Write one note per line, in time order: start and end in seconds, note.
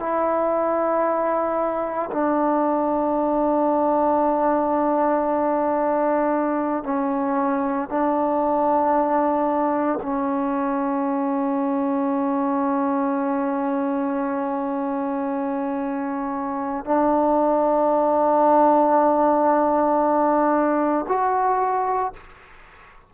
0.00 2.11 E4
2.11 6.84 D4
6.84 7.89 C#4
7.89 10.00 D4
10.03 16.85 C#4
16.85 21.06 D4
21.08 22.13 F#4